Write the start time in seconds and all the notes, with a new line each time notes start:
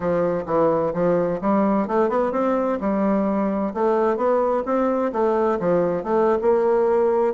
0.00 F3
0.46 E3
0.93 F3
1.41 G3
1.87 A3
2.09 B3
2.32 C4
2.80 G3
3.74 A3
4.16 B3
4.65 C4
5.12 A3
5.59 F3
6.03 A3
6.41 A#3